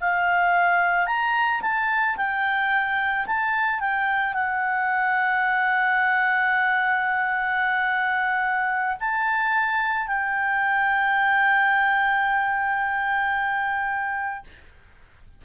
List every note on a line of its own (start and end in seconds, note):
0.00 1.06 F5
1.06 1.61 A#5
1.61 2.16 A5
2.16 3.25 G5
3.26 3.80 A5
3.80 4.33 G5
4.33 8.97 F#5
9.00 10.07 A5
10.07 14.43 G5